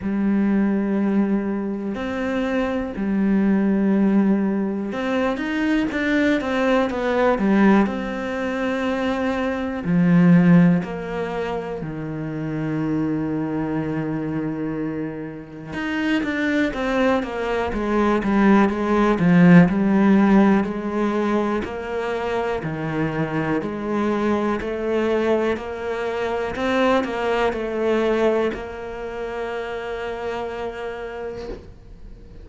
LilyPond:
\new Staff \with { instrumentName = "cello" } { \time 4/4 \tempo 4 = 61 g2 c'4 g4~ | g4 c'8 dis'8 d'8 c'8 b8 g8 | c'2 f4 ais4 | dis1 |
dis'8 d'8 c'8 ais8 gis8 g8 gis8 f8 | g4 gis4 ais4 dis4 | gis4 a4 ais4 c'8 ais8 | a4 ais2. | }